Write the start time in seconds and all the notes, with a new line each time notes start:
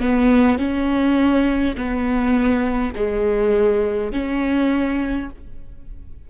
0.00 B3
0.58 C#4
1.76 B3
2.95 G#3
4.12 C#4